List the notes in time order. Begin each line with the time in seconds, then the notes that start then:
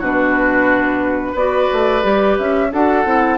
0.00 B2 D4 F#4 B4
1.32 B3 F#4 B4 D5
1.73 A3
2.03 G3 G4
2.38 C#4 E5
2.72 D4 F#4 A4 F#5
3.05 C4 E4